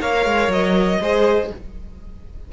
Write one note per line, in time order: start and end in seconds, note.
0.00 0.25 A#3
0.00 1.01 A#4
0.00 1.00 C#5
0.00 0.51 F5
0.25 0.47 G#3
0.47 0.97 F#3
0.47 1.52 D#5
1.00 1.50 G#3
1.00 1.52 G#4
1.00 1.51 C5